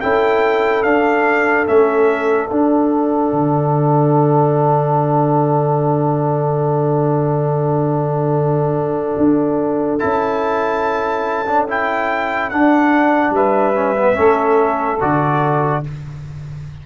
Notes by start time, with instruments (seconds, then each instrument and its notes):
0.00 tuba C#4, trombone E4, saxophone A4, trumpet G5
0.82 tuba D4, trombone D4, trumpet F5
1.66 tuba A3, trombone C#4, trumpet E5
2.48 tuba D4, trombone D4, trumpet F#5
3.32 tuba D3
9.17 tuba D4
9.99 tuba C#4, trombone E4, trumpet A5
11.46 trombone D4
11.68 trombone E4, trumpet G5
12.49 trombone D4, tuba D4, trumpet F#5
13.30 tuba G3, saxophone B4, trumpet E5
13.74 trombone C#4
13.95 trombone B3
14.14 tuba A3, trombone C#4, saxophone A4
15.00 tuba D3, trombone F#4, trumpet D5